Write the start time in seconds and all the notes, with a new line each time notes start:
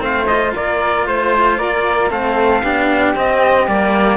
0.00 A3 C4 C5 F5
0.27 F4 D#5
0.55 A#3 A#4 D5
1.07 A3 C5
1.58 A#3 A#4 D5
2.11 A3 C4 A4 F5
2.63 B3 D4 G4
3.15 C4 D#5
3.67 G3 A#3 D5